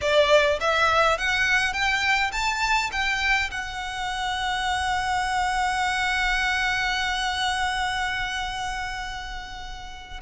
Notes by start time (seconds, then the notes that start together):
0.01 D5
0.60 E5
1.18 F#5
1.73 G5
2.32 A5
2.92 G5
3.50 F#5